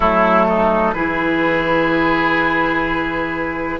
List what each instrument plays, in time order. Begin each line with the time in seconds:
0.00 bassoon F#3, clarinet A3, oboe E4, flute A4
0.49 oboe D#4
0.93 bassoon E3, clarinet E4, oboe G#4, flute B4